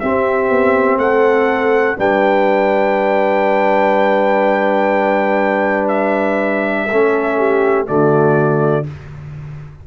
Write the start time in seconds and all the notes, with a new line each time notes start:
0.00 C4 G4 E5
0.49 B3
0.97 A3 A4 F#5
1.97 G3 D4 B4 G5
5.89 E5
6.90 A3 C#4 A4
7.38 G4
7.86 D3 A3 F#4 D5